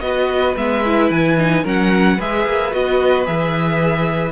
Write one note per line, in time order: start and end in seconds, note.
0.00 0.55 B3
0.00 0.56 F#4
0.00 1.62 B4
0.00 0.54 D#5
0.56 1.10 G#3
0.56 0.84 B3
0.56 1.10 E5
0.85 1.37 E4
1.10 1.64 E3
1.10 1.64 G#5
1.37 1.64 D#4
1.62 2.18 F#3
1.62 2.18 C#4
1.62 2.16 A#4
1.62 2.20 F#5
2.16 2.45 G#3
2.16 2.71 G#4
2.16 4.31 B4
2.16 2.72 E5
2.45 2.72 A#3
2.71 3.27 B3
2.71 3.25 F#4
2.71 3.26 D#5
3.25 4.31 E3
3.25 4.31 G#4
3.25 4.31 E5